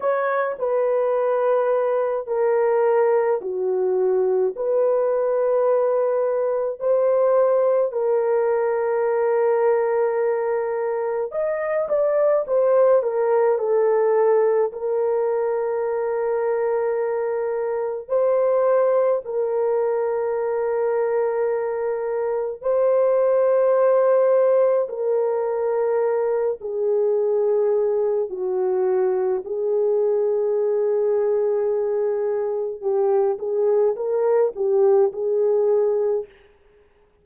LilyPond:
\new Staff \with { instrumentName = "horn" } { \time 4/4 \tempo 4 = 53 cis''8 b'4. ais'4 fis'4 | b'2 c''4 ais'4~ | ais'2 dis''8 d''8 c''8 ais'8 | a'4 ais'2. |
c''4 ais'2. | c''2 ais'4. gis'8~ | gis'4 fis'4 gis'2~ | gis'4 g'8 gis'8 ais'8 g'8 gis'4 | }